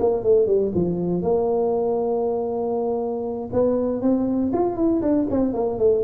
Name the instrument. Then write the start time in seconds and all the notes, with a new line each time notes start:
tuba
0.00 A#3
0.24 A3
0.47 G3
0.75 F3
1.23 A#3
3.53 B3
4.02 C4
4.53 F4
4.76 E4
5.02 D4
5.30 C4
5.54 A#3
5.79 A3